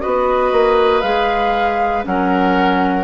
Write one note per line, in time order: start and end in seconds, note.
0.00 0.52 B3
0.00 1.02 F#4
0.00 2.06 B4
0.00 1.01 D#5
0.52 1.03 A#3
1.01 2.05 G#3
1.01 2.04 G#4
1.01 2.03 F5
2.04 3.04 F#3
2.04 3.04 C#4
2.04 3.04 A#4
2.04 3.04 F#5